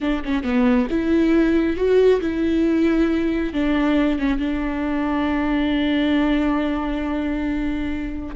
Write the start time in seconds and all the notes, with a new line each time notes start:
0.00 D4
0.24 C#4
0.43 B3
0.89 E4
1.76 F#4
2.21 E4
3.53 D4
4.19 C#4
4.39 D4